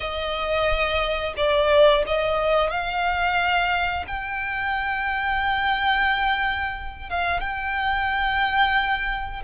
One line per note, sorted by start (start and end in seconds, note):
0.00 1.33 D#5
1.36 2.04 D5
2.07 2.70 D#5
2.70 4.05 F5
4.07 7.09 G5
7.09 7.40 F5
7.40 9.42 G5